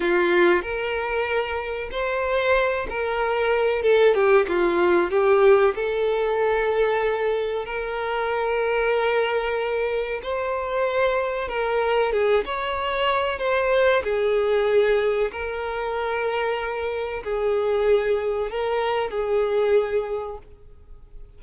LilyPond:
\new Staff \with { instrumentName = "violin" } { \time 4/4 \tempo 4 = 94 f'4 ais'2 c''4~ | c''8 ais'4. a'8 g'8 f'4 | g'4 a'2. | ais'1 |
c''2 ais'4 gis'8 cis''8~ | cis''4 c''4 gis'2 | ais'2. gis'4~ | gis'4 ais'4 gis'2 | }